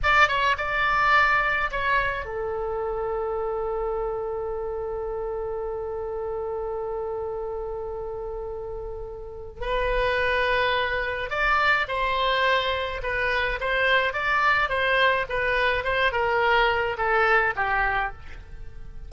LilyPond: \new Staff \with { instrumentName = "oboe" } { \time 4/4 \tempo 4 = 106 d''8 cis''8 d''2 cis''4 | a'1~ | a'1~ | a'1~ |
a'4 b'2. | d''4 c''2 b'4 | c''4 d''4 c''4 b'4 | c''8 ais'4. a'4 g'4 | }